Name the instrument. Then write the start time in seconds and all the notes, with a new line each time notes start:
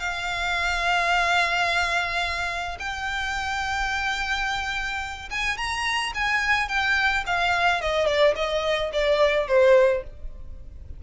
violin
0.00 F5
2.80 G5
5.31 G#5
5.58 A#5
6.15 G#5
6.69 G5
7.27 F5
7.82 D#5
8.07 D5
8.36 D#5
8.93 D5
9.48 C5